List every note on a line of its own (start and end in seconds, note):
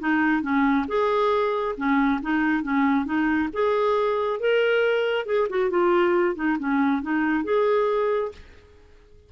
0.00 0.42 D#4
0.42 0.86 C#4
0.88 1.76 G#4
1.77 2.21 C#4
2.22 2.63 D#4
2.63 3.06 C#4
3.06 3.49 D#4
3.53 4.40 G#4
4.40 5.26 A#4
5.26 5.48 G#4
5.50 5.70 F#4
5.70 6.36 F4
6.36 6.58 D#4
6.59 7.03 C#4
7.03 7.45 D#4
7.45 8.32 G#4